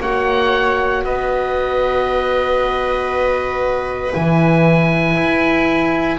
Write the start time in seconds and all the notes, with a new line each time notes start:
0.00 A#3 F#4 C#5 F#5
1.03 B3 B4 D#5
4.13 E3 E4 G#5
5.15 E4